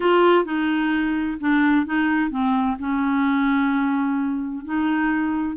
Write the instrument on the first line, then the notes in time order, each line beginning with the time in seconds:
clarinet
0.00 F4
0.44 D#4
1.40 D4
1.85 D#4
2.30 C4
2.79 C#4
4.64 D#4